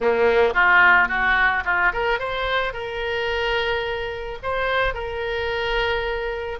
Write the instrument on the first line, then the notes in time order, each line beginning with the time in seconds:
oboe
0.01 A#3
0.54 F4
1.08 F#4
1.64 F4
1.92 A#4
2.19 C5
2.73 A#4
4.42 C5
4.94 A#4